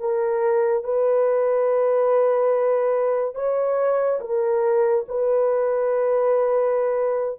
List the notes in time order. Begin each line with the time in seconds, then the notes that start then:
0.00 A#4
0.84 B4
3.35 C#5
4.21 A#4
5.08 B4